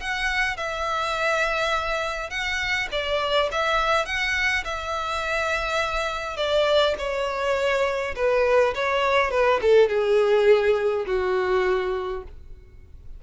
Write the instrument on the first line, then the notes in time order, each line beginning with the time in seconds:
violin
0.00 F#5
0.57 E5
2.30 F#5
2.91 D5
3.51 E5
4.05 F#5
4.64 E5
6.37 D5
6.98 C#5
8.15 B4
8.75 C#5
9.31 B4
9.61 A4
9.89 G#4
11.06 F#4